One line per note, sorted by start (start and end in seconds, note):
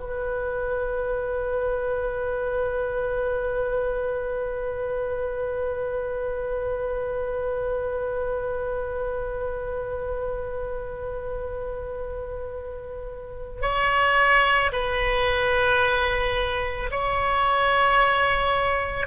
0.00 13.62 B4
13.62 14.71 C#5
14.73 16.91 B4
16.91 19.07 C#5